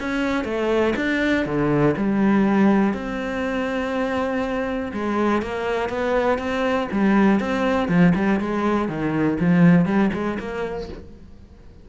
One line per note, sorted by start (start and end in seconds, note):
0.00 0.44 C#4
0.44 0.94 A3
0.96 1.45 D4
1.45 1.95 D3
1.97 2.94 G3
2.94 4.92 C4
4.93 5.42 G#3
5.42 5.89 A#3
5.89 6.38 B3
6.38 6.88 C4
6.92 7.40 G3
7.40 7.88 C4
7.88 8.13 F3
8.15 8.40 G3
8.40 8.88 G#3
8.88 9.38 D#3
9.40 9.85 F3
9.85 10.10 G3
10.13 10.38 G#3
10.39 10.89 A#3